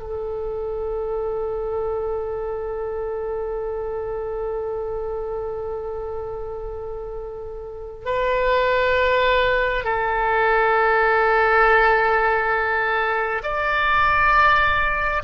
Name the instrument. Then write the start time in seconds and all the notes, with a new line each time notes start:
oboe
0.00 A4
8.05 B4
9.84 A4
13.43 D5